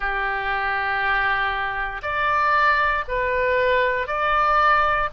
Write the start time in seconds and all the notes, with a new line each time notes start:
0.00 G4
2.02 D5
3.07 B4
4.07 D5